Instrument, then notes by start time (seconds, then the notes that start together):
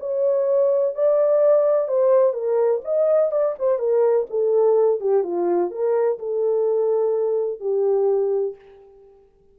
horn
0.00 C#5
0.95 D5
1.89 C5
2.34 A#4
2.85 D#5
3.32 D5
3.59 C5
3.79 A#4
4.31 A4
5.01 G4
5.24 F4
5.71 A#4
6.19 A4
7.61 G4